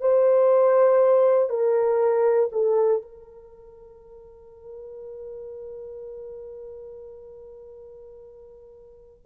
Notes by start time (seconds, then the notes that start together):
0.00 C5
1.49 A#4
2.52 A4
3.02 A#4